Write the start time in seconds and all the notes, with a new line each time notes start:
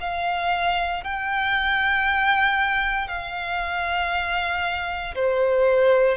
0.00 F5
1.03 G5
3.08 F5
5.15 C5